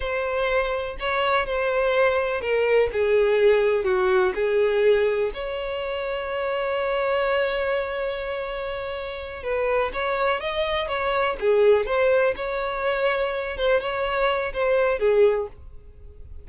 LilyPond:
\new Staff \with { instrumentName = "violin" } { \time 4/4 \tempo 4 = 124 c''2 cis''4 c''4~ | c''4 ais'4 gis'2 | fis'4 gis'2 cis''4~ | cis''1~ |
cis''2.~ cis''8 b'8~ | b'8 cis''4 dis''4 cis''4 gis'8~ | gis'8 c''4 cis''2~ cis''8 | c''8 cis''4. c''4 gis'4 | }